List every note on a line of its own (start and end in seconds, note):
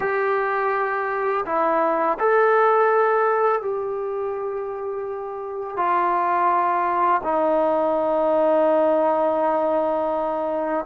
0.00 1.45 G4
1.46 2.18 E4
2.19 3.61 A4
3.61 5.76 G4
5.76 7.21 F4
7.23 10.85 D#4